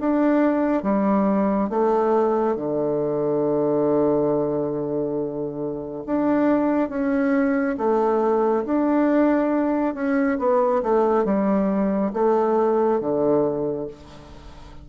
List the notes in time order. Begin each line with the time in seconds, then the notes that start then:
0.00 D4
0.83 G3
1.70 A3
2.56 D3
6.06 D4
6.89 C#4
7.77 A3
8.65 D4
9.94 C#4
10.39 B3
10.83 A3
11.25 G3
12.13 A3
13.00 D3